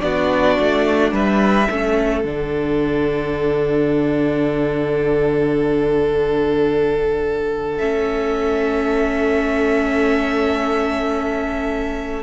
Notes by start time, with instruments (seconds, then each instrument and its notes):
0.00 cello B3, viola D4, violin F#4 D5
0.59 cello A3
1.12 cello G3, violin B4 E5
1.70 cello A3, viola C#4, violin A4
2.24 cello D3, viola D4, violin F#5
7.79 cello A3, viola C#4, violin E5